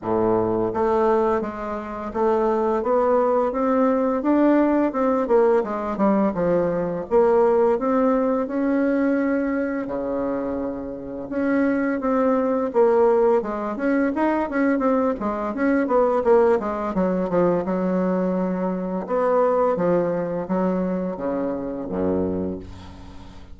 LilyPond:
\new Staff \with { instrumentName = "bassoon" } { \time 4/4 \tempo 4 = 85 a,4 a4 gis4 a4 | b4 c'4 d'4 c'8 ais8 | gis8 g8 f4 ais4 c'4 | cis'2 cis2 |
cis'4 c'4 ais4 gis8 cis'8 | dis'8 cis'8 c'8 gis8 cis'8 b8 ais8 gis8 | fis8 f8 fis2 b4 | f4 fis4 cis4 fis,4 | }